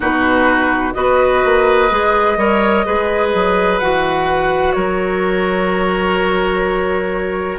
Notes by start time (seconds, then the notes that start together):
0.00 B2 D#4 F#4 B4
0.93 B3 F#4 B4 D#5
1.44 A#3
1.90 G#3 G#4
2.36 G3 A#4 C#5
2.85 G#3 G#4 B4
3.34 F#3
3.79 E3 F#4 F#5
4.72 F#3 A#4 C#5